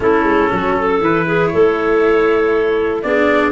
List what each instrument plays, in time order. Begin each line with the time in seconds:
0.00 tuba A3, cello C#4, clarinet E4, trumpet A4
0.22 tuba G#3
0.52 tuba F#3, clarinet F#4
0.78 clarinet A4
1.00 tuba E3, cello E4, trumpet B4
1.26 clarinet G#4
1.47 clarinet A4, trumpet C#5
1.54 tuba A3
3.02 tuba B3, cello D4, clarinet G#4, trumpet D5